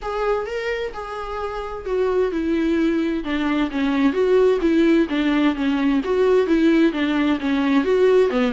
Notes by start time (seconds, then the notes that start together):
0.02 G#4
0.46 A#4
0.93 G#4
1.85 F#4
2.31 E4
3.23 D4
3.70 C#4
4.12 F#4
4.61 E4
5.09 D4
5.55 C#4
6.04 F#4
6.46 E4
6.92 D4
7.40 C#4
7.83 F#4
8.30 B3